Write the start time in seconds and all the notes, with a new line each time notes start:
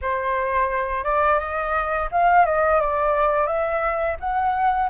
0.01 C5
1.04 D5
1.39 D#5
2.11 F5
2.45 D#5
2.81 D5
3.46 E5
4.20 F#5